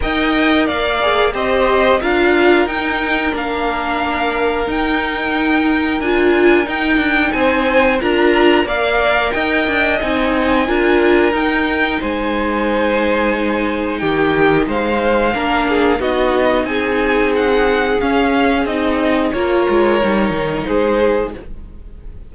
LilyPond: <<
  \new Staff \with { instrumentName = "violin" } { \time 4/4 \tempo 4 = 90 g''4 f''4 dis''4 f''4 | g''4 f''2 g''4~ | g''4 gis''4 g''4 gis''4 | ais''4 f''4 g''4 gis''4~ |
gis''4 g''4 gis''2~ | gis''4 g''4 f''2 | dis''4 gis''4 fis''4 f''4 | dis''4 cis''2 c''4 | }
  \new Staff \with { instrumentName = "violin" } { \time 4/4 dis''4 d''4 c''4 ais'4~ | ais'1~ | ais'2. c''4 | ais'4 d''4 dis''2 |
ais'2 c''2~ | c''4 g'4 c''4 ais'8 gis'8 | fis'4 gis'2.~ | gis'4 ais'2 gis'4 | }
  \new Staff \with { instrumentName = "viola" } { \time 4/4 ais'4. gis'8 g'4 f'4 | dis'4 d'2 dis'4~ | dis'4 f'4 dis'2 | f'4 ais'2 dis'4 |
f'4 dis'2.~ | dis'2. d'4 | dis'2. cis'4 | dis'4 f'4 dis'2 | }
  \new Staff \with { instrumentName = "cello" } { \time 4/4 dis'4 ais4 c'4 d'4 | dis'4 ais2 dis'4~ | dis'4 d'4 dis'8 d'8 c'4 | d'4 ais4 dis'8 d'8 c'4 |
d'4 dis'4 gis2~ | gis4 dis4 gis4 ais4 | b4 c'2 cis'4 | c'4 ais8 gis8 g8 dis8 gis4 | }
>>